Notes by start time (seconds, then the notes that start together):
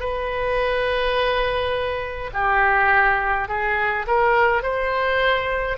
0.00 B4
2.33 G4
3.48 G#4
4.07 A#4
4.63 C5